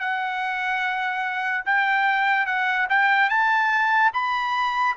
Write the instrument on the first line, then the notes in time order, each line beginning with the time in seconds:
trumpet
0.00 F#5
1.66 G5
2.46 F#5
2.90 G5
3.30 A5
4.14 B5